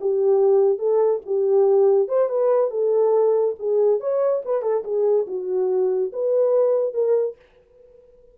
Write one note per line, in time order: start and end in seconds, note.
0.00 0.78 G4
0.78 1.20 A4
1.26 2.08 G4
2.08 2.29 C5
2.29 2.70 B4
2.70 3.55 A4
3.58 4.00 G#4
4.00 4.42 C#5
4.44 4.62 B4
4.62 4.83 A4
4.84 5.26 G#4
5.27 6.11 F#4
6.12 6.93 B4
6.93 7.36 A#4